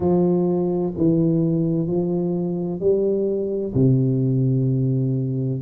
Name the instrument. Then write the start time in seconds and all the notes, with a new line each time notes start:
tuba
0.00 F3
0.97 E3
1.87 F3
2.80 G3
3.74 C3